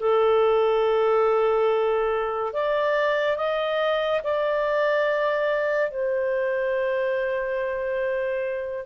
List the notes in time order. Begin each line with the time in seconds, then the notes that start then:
0.00 A4
2.54 D5
3.37 D#5
4.24 D5
5.91 C5